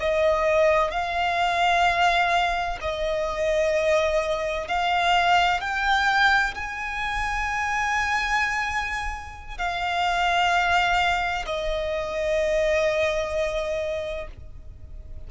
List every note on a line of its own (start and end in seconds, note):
0.00 0.91 D#5
0.91 2.79 F5
2.81 4.68 D#5
4.68 5.61 F5
5.61 6.55 G5
6.55 9.58 G#5
9.58 11.45 F5
11.46 14.28 D#5